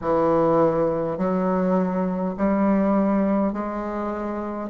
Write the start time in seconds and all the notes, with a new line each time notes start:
0.01 E3
1.17 F#3
2.37 G3
3.52 G#3